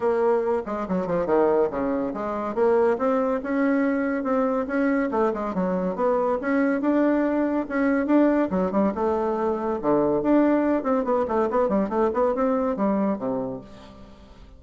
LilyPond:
\new Staff \with { instrumentName = "bassoon" } { \time 4/4 \tempo 4 = 141 ais4. gis8 fis8 f8 dis4 | cis4 gis4 ais4 c'4 | cis'2 c'4 cis'4 | a8 gis8 fis4 b4 cis'4 |
d'2 cis'4 d'4 | fis8 g8 a2 d4 | d'4. c'8 b8 a8 b8 g8 | a8 b8 c'4 g4 c4 | }